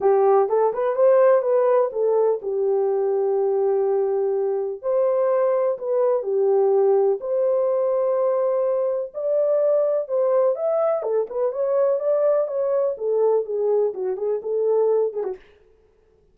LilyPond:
\new Staff \with { instrumentName = "horn" } { \time 4/4 \tempo 4 = 125 g'4 a'8 b'8 c''4 b'4 | a'4 g'2.~ | g'2 c''2 | b'4 g'2 c''4~ |
c''2. d''4~ | d''4 c''4 e''4 a'8 b'8 | cis''4 d''4 cis''4 a'4 | gis'4 fis'8 gis'8 a'4. gis'16 fis'16 | }